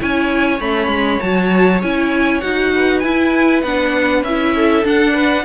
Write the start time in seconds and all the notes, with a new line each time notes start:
0.00 C#4 E4 C#5 G#5
0.59 A3 C#4 B5
0.88 G#3
1.21 F#3 F#4 A5
1.82 C#4 E4 G#5
2.41 D#4 F#4 F#5
2.75 B4
3.00 E4 G#5
3.63 B3 D4 F#5
4.23 C#4 E4 E5
4.55 A4
4.84 D4 F#5
5.14 B4